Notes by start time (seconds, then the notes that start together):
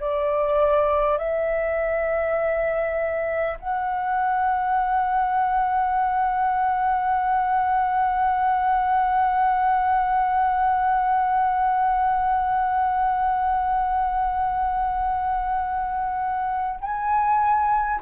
0.00 D5
1.18 E5
3.60 F#5
16.81 G#5